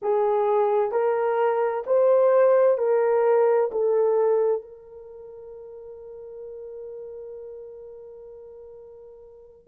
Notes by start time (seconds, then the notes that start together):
0.02 G#4
0.91 A#4
1.86 C5
2.78 A#4
3.71 A4
4.61 A#4